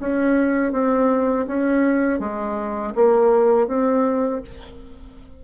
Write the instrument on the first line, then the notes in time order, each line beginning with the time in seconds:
bassoon
0.00 C#4
0.73 C4
1.47 C#4
2.20 G#3
2.96 A#3
3.68 C4